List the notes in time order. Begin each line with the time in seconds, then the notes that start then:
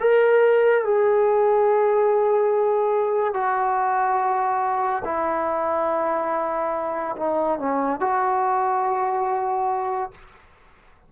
0.00 A#4
0.85 G#4
3.33 F#4
5.04 E4
7.16 D#4
7.59 C#4
8.00 F#4